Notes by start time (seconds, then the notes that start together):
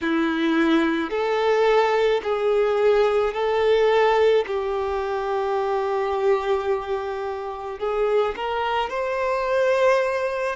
0.01 E4
1.10 A4
2.23 G#4
3.33 A4
4.46 G4
7.79 G#4
8.35 A#4
8.89 C5